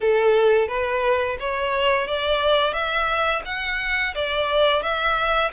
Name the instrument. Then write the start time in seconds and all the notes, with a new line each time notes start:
violin
0.00 A4
0.68 B4
1.39 C#5
2.07 D5
2.73 E5
3.45 F#5
4.14 D5
4.82 E5